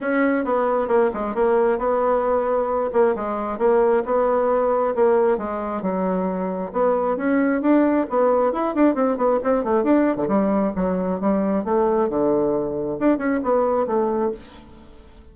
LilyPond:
\new Staff \with { instrumentName = "bassoon" } { \time 4/4 \tempo 4 = 134 cis'4 b4 ais8 gis8 ais4 | b2~ b8 ais8 gis4 | ais4 b2 ais4 | gis4 fis2 b4 |
cis'4 d'4 b4 e'8 d'8 | c'8 b8 c'8 a8 d'8. d16 g4 | fis4 g4 a4 d4~ | d4 d'8 cis'8 b4 a4 | }